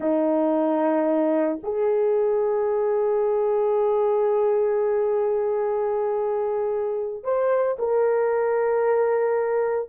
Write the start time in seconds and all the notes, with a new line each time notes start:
0.00 D#4
1.63 G#4
7.23 C5
7.78 A#4